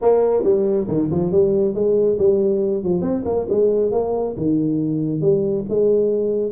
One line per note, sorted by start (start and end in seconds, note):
0.01 0.43 A#3
0.43 0.87 G3
0.88 1.09 D#3
1.10 1.31 F3
1.31 1.74 G3
1.74 2.17 G#3
2.18 2.83 G3
2.83 3.01 F3
3.01 3.23 C4
3.25 3.46 A#3
3.49 3.91 G#3
3.91 4.35 A#3
4.36 5.21 D#3
5.21 5.64 G3
5.69 6.51 G#3